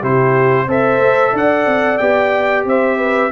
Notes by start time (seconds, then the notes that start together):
0.00 C3 E4 G4 C5
0.67 C4 A4 C5 E5
0.98 A3
1.33 D4 D5 F#5
1.66 C4
1.98 B3 G4 G5
2.64 C4 C5 E5
2.98 B4